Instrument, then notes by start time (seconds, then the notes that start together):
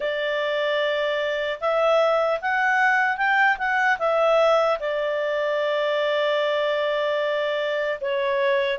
clarinet
0.00 D5
1.60 E5
2.41 F#5
3.17 G5
3.58 F#5
3.99 E5
4.79 D5
8.00 C#5